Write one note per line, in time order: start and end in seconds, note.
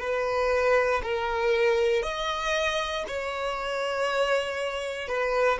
0.00 1.02 B4
1.03 2.02 A#4
2.02 3.04 D#5
3.07 5.08 C#5
5.08 5.58 B4